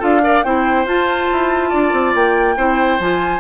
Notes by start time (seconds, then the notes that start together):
0.00 D4 F4 A4 F5
0.23 A#4 D5
0.44 C4 E4 C5 G5
0.86 F4 A5
1.33 E4
1.70 D4 D5
1.93 C4
2.15 A#3 G5
2.57 C4 E4 C5
3.00 F3 F4 G#5